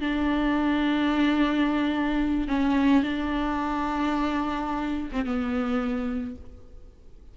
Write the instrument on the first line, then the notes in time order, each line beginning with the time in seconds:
viola
0.00 D4
2.48 C#4
3.02 D4
5.11 C4
5.25 B3